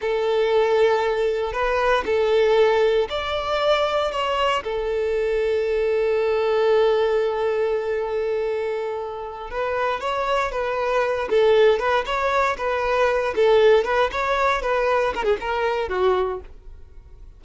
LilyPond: \new Staff \with { instrumentName = "violin" } { \time 4/4 \tempo 4 = 117 a'2. b'4 | a'2 d''2 | cis''4 a'2.~ | a'1~ |
a'2~ a'8 b'4 cis''8~ | cis''8 b'4. a'4 b'8 cis''8~ | cis''8 b'4. a'4 b'8 cis''8~ | cis''8 b'4 ais'16 gis'16 ais'4 fis'4 | }